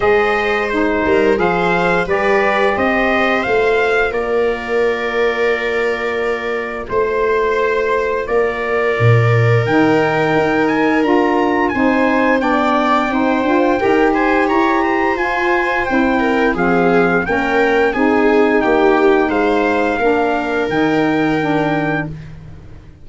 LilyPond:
<<
  \new Staff \with { instrumentName = "trumpet" } { \time 4/4 \tempo 4 = 87 dis''4 c''4 f''4 d''4 | dis''4 f''4 d''2~ | d''2 c''2 | d''2 g''4. gis''8 |
ais''4 gis''4 g''2~ | g''8 gis''8 ais''4 gis''4 g''4 | f''4 g''4 gis''4 g''4 | f''2 g''2 | }
  \new Staff \with { instrumentName = "viola" } { \time 4/4 c''4. ais'8 c''4 b'4 | c''2 ais'2~ | ais'2 c''2 | ais'1~ |
ais'4 c''4 d''4 c''4 | ais'8 c''8 cis''8 c''2 ais'8 | gis'4 ais'4 gis'4 g'4 | c''4 ais'2. | }
  \new Staff \with { instrumentName = "saxophone" } { \time 4/4 gis'4 dis'4 gis'4 g'4~ | g'4 f'2.~ | f'1~ | f'2 dis'2 |
f'4 dis'4 d'4 dis'8 f'8 | g'2 f'4 e'4 | c'4 cis'4 dis'2~ | dis'4 d'4 dis'4 d'4 | }
  \new Staff \with { instrumentName = "tuba" } { \time 4/4 gis4. g8 f4 g4 | c'4 a4 ais2~ | ais2 a2 | ais4 ais,4 dis4 dis'4 |
d'4 c'4 b4 c'8 d'8 | dis'4 e'4 f'4 c'4 | f4 ais4 c'4 ais4 | gis4 ais4 dis2 | }
>>